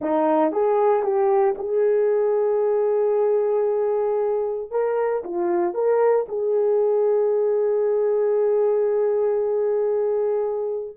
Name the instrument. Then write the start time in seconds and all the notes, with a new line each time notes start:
horn
0.01 D#4
0.51 G#4
1.02 G4
1.58 G#4
4.71 A#4
5.23 F4
5.73 A#4
6.28 G#4